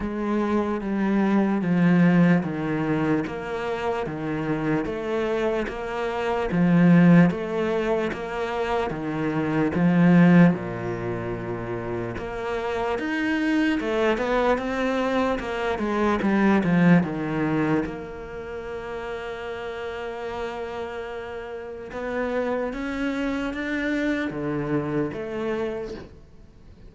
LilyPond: \new Staff \with { instrumentName = "cello" } { \time 4/4 \tempo 4 = 74 gis4 g4 f4 dis4 | ais4 dis4 a4 ais4 | f4 a4 ais4 dis4 | f4 ais,2 ais4 |
dis'4 a8 b8 c'4 ais8 gis8 | g8 f8 dis4 ais2~ | ais2. b4 | cis'4 d'4 d4 a4 | }